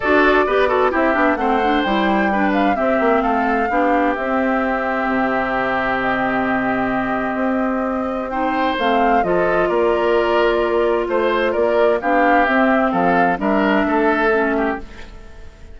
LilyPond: <<
  \new Staff \with { instrumentName = "flute" } { \time 4/4 \tempo 4 = 130 d''2 e''4 fis''4 | g''4. f''8 e''4 f''4~ | f''4 e''2.~ | e''4 dis''2.~ |
dis''2 g''4 f''4 | dis''4 d''2. | c''4 d''4 f''4 e''4 | f''4 e''2. | }
  \new Staff \with { instrumentName = "oboe" } { \time 4/4 a'4 b'8 a'8 g'4 c''4~ | c''4 b'4 g'4 a'4 | g'1~ | g'1~ |
g'2 c''2 | a'4 ais'2. | c''4 ais'4 g'2 | a'4 ais'4 a'4. g'8 | }
  \new Staff \with { instrumentName = "clarinet" } { \time 4/4 fis'4 g'8 fis'8 e'8 d'8 c'8 d'8 | e'4 d'4 c'2 | d'4 c'2.~ | c'1~ |
c'2 dis'4 c'4 | f'1~ | f'2 d'4 c'4~ | c'4 d'2 cis'4 | }
  \new Staff \with { instrumentName = "bassoon" } { \time 4/4 d'4 b4 c'8 b8 a4 | g2 c'8 ais8 a4 | b4 c'2 c4~ | c1 |
c'2. a4 | f4 ais2. | a4 ais4 b4 c'4 | f4 g4 a2 | }
>>